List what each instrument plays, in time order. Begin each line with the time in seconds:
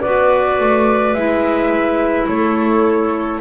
0.00 double bass B3, clarinet F#4 B4, flute D5
0.59 double bass A3
1.13 double bass G#3, clarinet E4, flute E5
2.27 double bass A3, clarinet A4, flute C#5